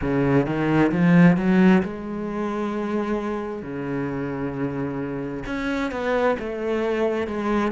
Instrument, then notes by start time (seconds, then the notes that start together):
cello
0.01 C#3
0.45 D#3
0.91 F3
1.36 F#3
1.82 G#3
3.62 C#3
5.45 C#4
5.91 B3
6.39 A3
7.27 G#3